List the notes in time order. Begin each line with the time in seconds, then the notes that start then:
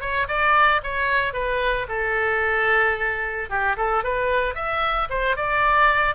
0.00 C#5
0.28 D5
0.83 C#5
1.33 B4
1.88 A4
3.49 G4
3.76 A4
4.03 B4
4.55 E5
5.09 C5
5.36 D5